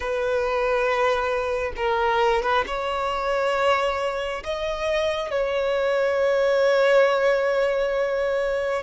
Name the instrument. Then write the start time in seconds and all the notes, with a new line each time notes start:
violin
0.00 B4
1.76 A#4
2.42 B4
2.66 C#5
4.43 D#5
5.31 C#5